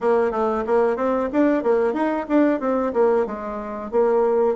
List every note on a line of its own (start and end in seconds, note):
0.00 0.31 A#3
0.31 0.63 A3
0.66 0.96 A#3
0.96 1.29 C4
1.32 1.63 D4
1.63 1.93 A#3
1.93 2.26 D#4
2.28 2.60 D4
2.60 2.92 C4
2.93 3.25 A#3
3.25 3.91 G#3
3.91 4.56 A#3